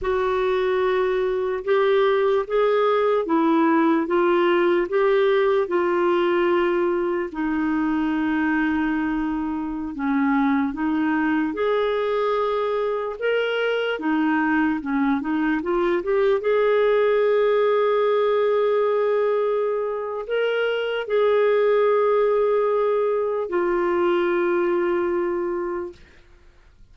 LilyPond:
\new Staff \with { instrumentName = "clarinet" } { \time 4/4 \tempo 4 = 74 fis'2 g'4 gis'4 | e'4 f'4 g'4 f'4~ | f'4 dis'2.~ | dis'16 cis'4 dis'4 gis'4.~ gis'16~ |
gis'16 ais'4 dis'4 cis'8 dis'8 f'8 g'16~ | g'16 gis'2.~ gis'8.~ | gis'4 ais'4 gis'2~ | gis'4 f'2. | }